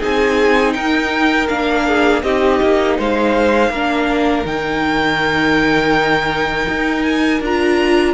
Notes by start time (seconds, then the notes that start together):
0.00 C4 D#4 G#4 G#5
0.73 D#4 A#4 G5
1.48 A#3 D4 F5
1.87 G#4
2.23 C4 D#4 G4 D#5
2.62 A#3
2.98 G#3 C5 F5
3.70 A#3 D4 A#4
4.45 D#3 D#4 G5
6.69 D#4
7.03 G#5
7.40 D4 F4 A#5